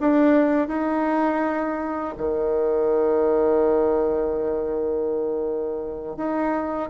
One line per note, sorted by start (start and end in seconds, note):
0.00 0.68 D4
0.68 2.14 D#4
2.17 6.17 D#3
6.17 6.90 D#4